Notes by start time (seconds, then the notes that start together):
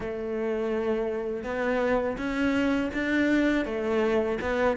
0.00 A3
1.43 B3
2.18 C#4
2.93 D4
3.65 A3
4.41 B3